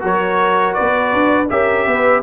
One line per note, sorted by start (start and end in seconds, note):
0.00 0.76 F#3
0.00 1.46 F#4
0.00 0.76 A#4
0.00 0.74 C#5
0.74 1.13 B3
0.74 1.49 B4
0.74 1.47 D5
1.13 1.50 D4
1.50 1.87 C#4
1.50 2.23 G4
1.50 1.86 A#4
1.50 2.23 E5
1.86 2.23 B3
1.86 2.23 B4